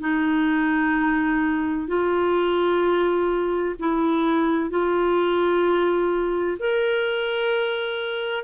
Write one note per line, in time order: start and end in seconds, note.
0.00 1.87 D#4
1.87 3.75 F4
3.79 4.70 E4
4.70 6.58 F4
6.59 8.44 A#4